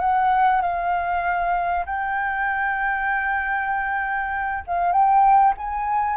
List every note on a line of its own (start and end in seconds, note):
0.00 0.62 F#5
0.62 1.85 F5
1.86 4.64 G5
4.67 4.92 F5
4.92 5.54 G5
5.58 6.16 G#5